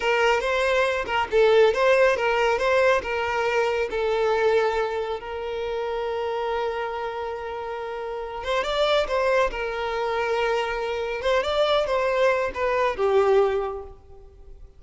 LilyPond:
\new Staff \with { instrumentName = "violin" } { \time 4/4 \tempo 4 = 139 ais'4 c''4. ais'8 a'4 | c''4 ais'4 c''4 ais'4~ | ais'4 a'2. | ais'1~ |
ais'2.~ ais'8 c''8 | d''4 c''4 ais'2~ | ais'2 c''8 d''4 c''8~ | c''4 b'4 g'2 | }